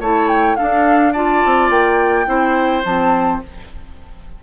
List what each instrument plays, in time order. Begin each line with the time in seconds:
0.00 bassoon A3, clarinet E4, oboe C#5, flute A5
0.28 flute G5
0.56 clarinet D4, oboe A4, flute F5
0.62 bassoon D4
1.12 clarinet F4, oboe D5, flute A5
1.45 bassoon C4
1.70 bassoon A#3, flute G5
2.26 bassoon C4, clarinet E4, oboe C5
2.85 bassoon F3, clarinet C4, flute A5